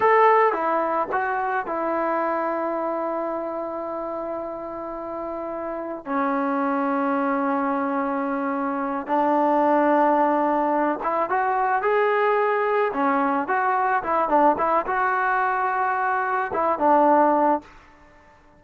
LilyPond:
\new Staff \with { instrumentName = "trombone" } { \time 4/4 \tempo 4 = 109 a'4 e'4 fis'4 e'4~ | e'1~ | e'2. cis'4~ | cis'1~ |
cis'8 d'2.~ d'8 | e'8 fis'4 gis'2 cis'8~ | cis'8 fis'4 e'8 d'8 e'8 fis'4~ | fis'2 e'8 d'4. | }